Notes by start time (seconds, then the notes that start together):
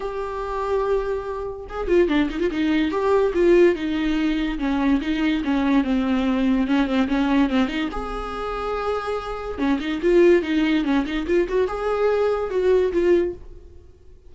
0.00 G4
1.69 G#4
1.87 F4
2.08 D4
2.30 D#4
2.40 F4
2.51 D#4
2.91 G4
3.34 F4
3.75 D#4
4.58 C#4
5.01 D#4
5.44 C#4
5.84 C4
6.67 C#4
6.87 C4
7.08 C#4
7.49 C4
7.68 D#4
7.91 G#4
9.58 C#4
9.79 D#4
10.02 F4
10.42 D#4
10.84 C#4
11.05 D#4
11.26 F4
11.48 F#4
11.67 G#4
12.50 F#4
12.92 F4